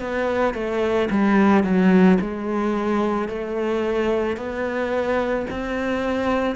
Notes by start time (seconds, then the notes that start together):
0.00 B3
0.54 A3
1.10 G3
1.64 F#3
2.21 G#3
3.28 A3
4.37 B3
5.50 C4